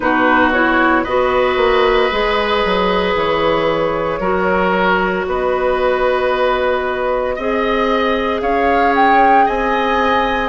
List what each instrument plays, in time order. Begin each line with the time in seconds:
0.00 bassoon B2, clarinet D#4, oboe F#4, flute B4
0.52 clarinet E4, flute C#5
1.03 bassoon B3, clarinet F#4, oboe B4, flute D#5
1.56 bassoon A#3
2.11 bassoon G#3, clarinet G#4
2.64 bassoon F#3
3.14 bassoon E3, flute C#5
4.19 bassoon F#3, clarinet F#4, oboe A#4
5.27 bassoon B3, oboe B4, flute D#5
7.35 bassoon C4, clarinet G#4, oboe D#5
8.41 bassoon C#4, oboe C#5, flute F5
8.95 flute G5
9.45 bassoon C4, oboe D#5, flute G#5